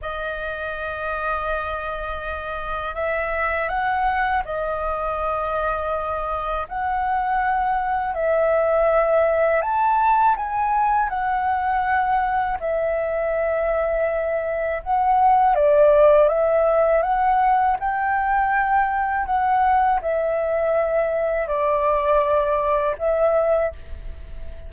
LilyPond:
\new Staff \with { instrumentName = "flute" } { \time 4/4 \tempo 4 = 81 dis''1 | e''4 fis''4 dis''2~ | dis''4 fis''2 e''4~ | e''4 a''4 gis''4 fis''4~ |
fis''4 e''2. | fis''4 d''4 e''4 fis''4 | g''2 fis''4 e''4~ | e''4 d''2 e''4 | }